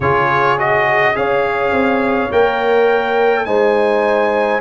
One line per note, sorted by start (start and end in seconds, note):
0.00 1.15 C#3
0.00 0.58 F4
0.00 1.16 G#4
0.00 0.58 C#5
0.58 1.14 F#4
0.58 1.16 D#5
1.14 1.72 C#4
1.14 2.29 G#4
1.14 3.46 C#5
1.14 2.31 F5
1.72 2.29 C4
2.31 3.46 A#3
2.31 3.46 A#4
2.31 3.45 G5
3.45 4.60 G#3
3.45 4.60 D#4
3.45 4.60 C5
3.45 4.60 G#5